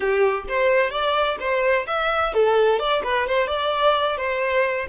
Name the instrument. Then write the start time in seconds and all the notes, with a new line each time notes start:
violin
0.00 G4
0.48 C5
0.90 D5
1.40 C5
1.86 E5
2.33 A4
2.79 D5
3.03 B4
3.27 C5
3.47 D5
4.17 C5